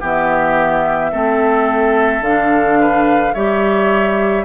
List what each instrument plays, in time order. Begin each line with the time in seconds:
0.00 bassoon E3, clarinet B3, oboe G4, flute E5
1.12 bassoon A3, clarinet C4, oboe A4
2.20 bassoon D3, flute F5
2.26 clarinet D4
2.80 oboe B4
3.34 bassoon G3, clarinet G4, oboe C#5, flute E5